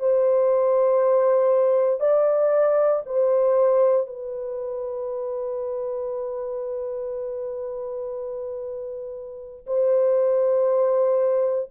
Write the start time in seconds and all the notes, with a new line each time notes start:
0.00 C5
2.01 D5
3.06 C5
4.07 B4
9.67 C5